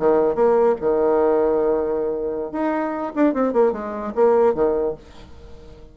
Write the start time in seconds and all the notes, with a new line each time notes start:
0.00 D#3
0.35 A#3
0.81 D#3
2.52 D#4
3.16 D4
3.34 C4
3.53 A#3
3.73 G#3
4.15 A#3
4.55 D#3